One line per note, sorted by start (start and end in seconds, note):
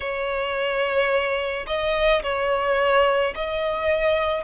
0.00 1.66 C#5
1.67 2.22 D#5
2.22 3.33 C#5
3.35 4.43 D#5